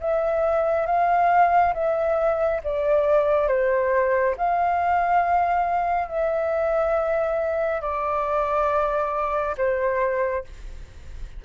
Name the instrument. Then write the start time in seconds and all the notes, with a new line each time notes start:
flute
0.00 E5
0.86 F5
1.74 E5
2.64 D5
3.48 C5
4.38 F5
6.08 E5
7.81 D5
9.57 C5